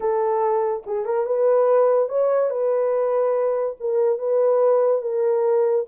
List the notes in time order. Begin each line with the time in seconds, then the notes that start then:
0.00 A4
0.86 G#4
1.05 A#4
1.25 B4
2.08 C#5
2.50 B4
3.80 A#4
4.18 B4
5.01 A#4